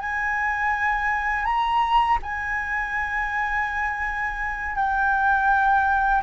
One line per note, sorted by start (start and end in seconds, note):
0.00 1.45 G#5
1.45 2.18 A#5
2.22 4.76 G#5
4.76 6.22 G5